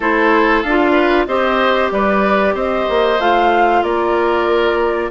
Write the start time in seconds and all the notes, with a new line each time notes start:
0.00 A3 E4 A4 C5
0.62 D4 F5
0.68 F4
0.91 B4
1.26 C4 G4 C5 D#5
1.91 G3 B4 D5
2.54 C4 C5 D#5
2.89 A#3
3.19 A3 F4 F5
3.83 A#3 A#4 D5